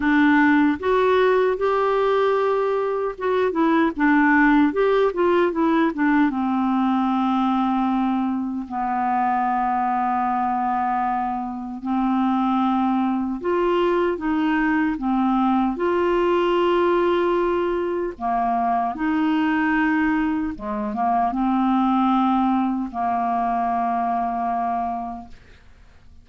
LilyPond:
\new Staff \with { instrumentName = "clarinet" } { \time 4/4 \tempo 4 = 76 d'4 fis'4 g'2 | fis'8 e'8 d'4 g'8 f'8 e'8 d'8 | c'2. b4~ | b2. c'4~ |
c'4 f'4 dis'4 c'4 | f'2. ais4 | dis'2 gis8 ais8 c'4~ | c'4 ais2. | }